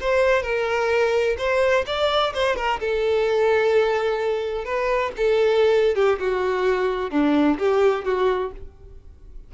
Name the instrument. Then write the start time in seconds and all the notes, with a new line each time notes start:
violin
0.00 C5
0.42 A#4
1.37 C5
1.86 D5
2.33 C5
2.56 A#4
2.80 A4
4.64 B4
5.17 A4
5.95 G4
6.19 F#4
7.11 D4
7.58 G4
8.04 F#4